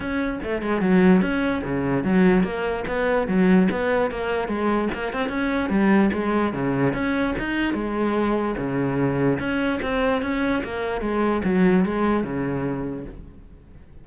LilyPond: \new Staff \with { instrumentName = "cello" } { \time 4/4 \tempo 4 = 147 cis'4 a8 gis8 fis4 cis'4 | cis4 fis4 ais4 b4 | fis4 b4 ais4 gis4 | ais8 c'8 cis'4 g4 gis4 |
cis4 cis'4 dis'4 gis4~ | gis4 cis2 cis'4 | c'4 cis'4 ais4 gis4 | fis4 gis4 cis2 | }